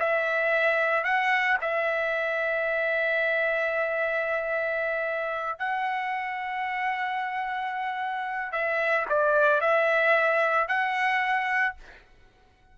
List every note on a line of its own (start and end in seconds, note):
0.00 1.04 E5
1.04 1.58 F#5
1.61 5.59 E5
5.59 8.53 F#5
8.53 9.06 E5
9.09 9.61 D5
9.61 10.69 E5
10.69 11.76 F#5